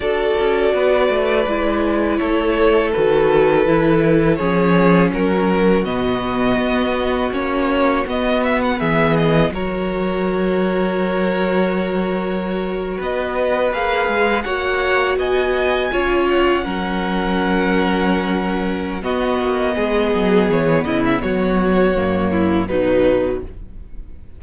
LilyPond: <<
  \new Staff \with { instrumentName = "violin" } { \time 4/4 \tempo 4 = 82 d''2. cis''4 | b'2 cis''4 ais'4 | dis''2 cis''4 dis''8 e''16 fis''16 | e''8 dis''8 cis''2.~ |
cis''4.~ cis''16 dis''4 f''4 fis''16~ | fis''8. gis''4. fis''4.~ fis''16~ | fis''2 dis''2 | cis''8 dis''16 e''16 cis''2 b'4 | }
  \new Staff \with { instrumentName = "violin" } { \time 4/4 a'4 b'2 a'4~ | a'2 gis'4 fis'4~ | fis'1 | gis'4 ais'2.~ |
ais'4.~ ais'16 b'2 cis''16~ | cis''8. dis''4 cis''4 ais'4~ ais'16~ | ais'2 fis'4 gis'4~ | gis'8 e'8 fis'4. e'8 dis'4 | }
  \new Staff \with { instrumentName = "viola" } { \time 4/4 fis'2 e'2 | fis'4 e'4 cis'2 | b2 cis'4 b4~ | b4 fis'2.~ |
fis'2~ fis'8. gis'4 fis'16~ | fis'4.~ fis'16 f'4 cis'4~ cis'16~ | cis'2 b2~ | b2 ais4 fis4 | }
  \new Staff \with { instrumentName = "cello" } { \time 4/4 d'8 cis'8 b8 a8 gis4 a4 | dis4 e4 f4 fis4 | b,4 b4 ais4 b4 | e4 fis2.~ |
fis4.~ fis16 b4 ais8 gis8 ais16~ | ais8. b4 cis'4 fis4~ fis16~ | fis2 b8 ais8 gis8 fis8 | e8 cis8 fis4 fis,4 b,4 | }
>>